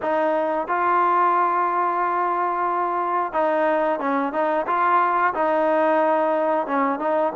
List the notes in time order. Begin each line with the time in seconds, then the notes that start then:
0.02 D#4
0.67 F4
3.32 D#4
3.99 C#4
4.32 D#4
4.67 F4
5.34 D#4
6.67 C#4
6.99 D#4